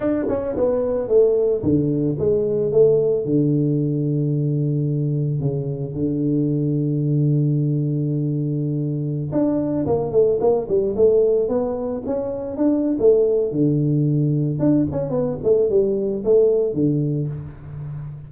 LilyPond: \new Staff \with { instrumentName = "tuba" } { \time 4/4 \tempo 4 = 111 d'8 cis'8 b4 a4 d4 | gis4 a4 d2~ | d2 cis4 d4~ | d1~ |
d4~ d16 d'4 ais8 a8 ais8 g16~ | g16 a4 b4 cis'4 d'8. | a4 d2 d'8 cis'8 | b8 a8 g4 a4 d4 | }